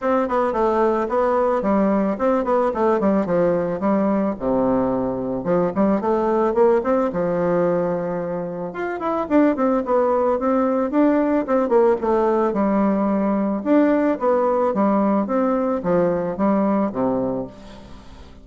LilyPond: \new Staff \with { instrumentName = "bassoon" } { \time 4/4 \tempo 4 = 110 c'8 b8 a4 b4 g4 | c'8 b8 a8 g8 f4 g4 | c2 f8 g8 a4 | ais8 c'8 f2. |
f'8 e'8 d'8 c'8 b4 c'4 | d'4 c'8 ais8 a4 g4~ | g4 d'4 b4 g4 | c'4 f4 g4 c4 | }